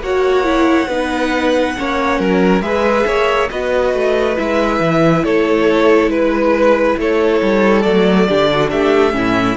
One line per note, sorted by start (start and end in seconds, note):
0.00 0.87 A#3
0.00 0.43 F#4
0.00 0.88 C#5
0.00 2.61 F#5
0.43 0.87 E4
0.87 1.74 B3
0.87 1.76 D#4
0.87 1.75 B4
1.77 2.19 A#3
1.77 2.62 C#4
1.77 2.19 C#5
2.19 2.61 F#3
2.19 2.62 A#4
2.61 3.05 G#3
2.61 3.49 G#4
2.61 3.06 B4
2.61 3.48 E5
3.06 3.49 A#3
3.06 3.50 C#5
3.50 3.93 B3
3.50 4.36 F#4
3.50 5.24 B4
3.50 4.37 D#5
3.93 4.37 A3
4.36 4.79 G#3
4.36 7.83 E4
4.36 5.24 E5
4.79 5.23 E3
5.24 6.07 A3
5.24 6.11 A4
5.24 6.09 C#5
6.07 6.94 G#3
6.07 6.96 B4
6.07 6.99 B4
6.97 7.41 A3
6.97 8.28 A4
6.97 7.82 C#5
7.42 7.85 G3
7.82 8.28 F#3
7.82 8.26 A3
7.82 8.69 D5
8.28 8.72 D3
8.28 9.12 D4
8.28 8.49 G4
8.53 8.70 F#4
8.70 9.14 A3
8.70 9.14 G4
8.70 9.56 E5
9.12 9.56 A2
9.12 9.55 C#4
9.12 9.56 E4